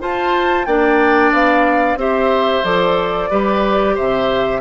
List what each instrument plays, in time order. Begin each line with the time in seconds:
0.00 clarinet F4, bassoon F4, oboe C5, flute A5
0.66 bassoon A#3, clarinet D4, oboe D5, flute G5
1.32 bassoon B3, flute F5
1.96 bassoon C4, clarinet G4, oboe C5, flute E5
2.64 bassoon F3, clarinet A4, flute D5
3.30 bassoon G3, clarinet G4, oboe B4
3.95 bassoon C3, oboe C5, flute E5